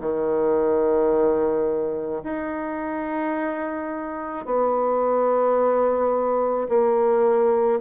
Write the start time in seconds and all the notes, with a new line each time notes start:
0.00 D#3
2.24 D#4
4.45 B3
6.68 A#3